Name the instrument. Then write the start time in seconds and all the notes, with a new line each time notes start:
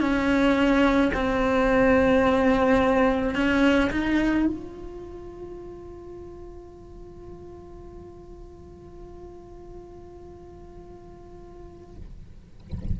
cello
0.00 C#4
1.14 C4
3.35 C#4
3.91 D#4
4.46 F4